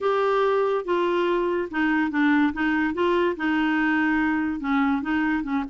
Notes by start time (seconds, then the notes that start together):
0.01 G4
0.84 F4
1.71 D#4
2.10 D4
2.53 D#4
2.94 F4
3.36 D#4
4.60 C#4
5.02 D#4
5.43 C#4